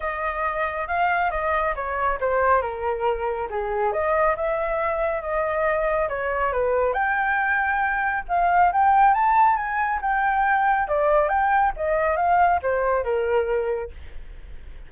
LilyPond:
\new Staff \with { instrumentName = "flute" } { \time 4/4 \tempo 4 = 138 dis''2 f''4 dis''4 | cis''4 c''4 ais'2 | gis'4 dis''4 e''2 | dis''2 cis''4 b'4 |
g''2. f''4 | g''4 a''4 gis''4 g''4~ | g''4 d''4 g''4 dis''4 | f''4 c''4 ais'2 | }